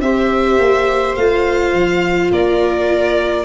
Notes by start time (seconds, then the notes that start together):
0.00 C4 G4 C5 E5
0.58 A#3
1.15 A3 F4 F5
1.73 F3
2.31 A#3 A#4 D5